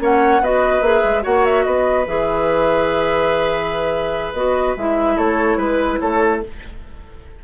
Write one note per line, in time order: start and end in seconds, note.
0.00 0.41 A#3
0.00 0.42 C#4
0.00 0.43 C#5
0.00 0.44 F#5
0.41 0.81 B3
0.41 0.83 F#4
0.41 1.24 B4
0.41 0.82 D#5
0.81 1.02 A#3
0.81 1.22 G#4
0.81 1.24 E5
1.04 1.25 G#3
1.22 1.66 A#3
1.22 2.05 F#4
1.22 1.65 C#5
1.22 1.45 F#5
1.45 1.65 E5
1.65 2.07 B3
1.65 5.17 B4
1.65 2.06 D#5
2.08 4.34 E3
2.08 4.35 G#4
2.08 4.34 E5
4.34 4.75 B3
4.34 4.77 F#4
4.34 4.75 D#5
4.77 5.18 G#3
4.77 6.44 E4
4.77 5.18 E5
5.17 5.57 A3
5.17 5.58 A4
5.17 5.59 C#5
5.57 5.99 G#3
5.57 5.99 B4
5.57 6.00 B4
6.00 6.43 A3
6.00 6.43 A4
6.00 6.42 C#5